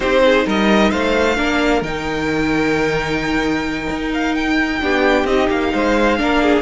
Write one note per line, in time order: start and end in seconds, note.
0.00 0.45 C4
0.00 1.36 D#4
0.00 0.22 G4
0.00 0.46 C5
0.24 0.46 G#4
0.46 0.92 G3
0.46 0.90 A#4
0.46 0.91 D#5
0.90 1.37 A3
0.90 1.36 C5
0.90 1.82 F5
1.36 1.81 A#3
1.36 1.82 D4
1.36 4.80 A#4
1.81 3.87 D#3
1.81 4.81 D#4
1.81 4.11 G5
3.90 4.82 D#4
4.13 4.34 F5
4.34 5.26 G5
4.81 5.24 B3
4.81 5.27 D4
4.81 5.73 G4
5.24 5.47 C4
5.24 6.18 D#4
5.24 5.49 D#5
5.49 5.73 A#3
5.49 6.61 F5
5.73 6.19 G#3
5.73 6.19 C5
6.18 6.61 A#3
6.18 6.61 D4
6.18 6.42 A#4
6.42 6.61 G#4